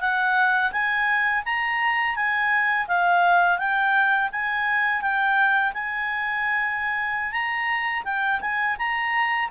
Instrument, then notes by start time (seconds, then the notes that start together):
clarinet
0.00 F#5
0.71 G#5
1.45 A#5
2.15 G#5
2.87 F5
3.58 G5
4.32 G#5
5.01 G5
5.73 G#5
7.31 A#5
8.04 G5
8.41 G#5
8.78 A#5